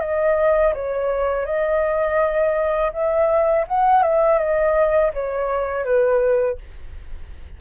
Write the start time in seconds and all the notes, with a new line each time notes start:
0.00 D#5
0.74 C#5
1.45 D#5
2.92 E5
3.67 F#5
4.02 E5
4.38 D#5
5.13 C#5
5.84 B4